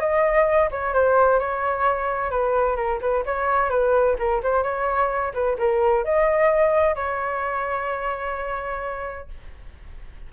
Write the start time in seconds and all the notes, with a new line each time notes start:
0.00 D#5
0.71 C#5
0.94 C5
1.39 C#5
2.31 B4
2.76 A#4
3.01 B4
3.26 C#5
3.70 B4
4.19 A#4
4.43 C5
4.63 C#5
5.34 B4
5.58 A#4
6.05 D#5
6.96 C#5